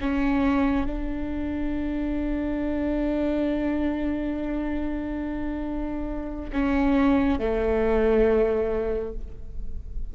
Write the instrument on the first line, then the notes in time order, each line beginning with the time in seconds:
viola
0.00 C#4
0.85 D4
6.52 C#4
7.39 A3